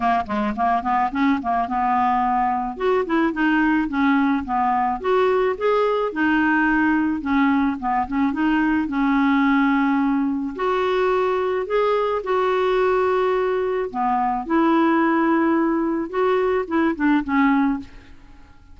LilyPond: \new Staff \with { instrumentName = "clarinet" } { \time 4/4 \tempo 4 = 108 ais8 gis8 ais8 b8 cis'8 ais8 b4~ | b4 fis'8 e'8 dis'4 cis'4 | b4 fis'4 gis'4 dis'4~ | dis'4 cis'4 b8 cis'8 dis'4 |
cis'2. fis'4~ | fis'4 gis'4 fis'2~ | fis'4 b4 e'2~ | e'4 fis'4 e'8 d'8 cis'4 | }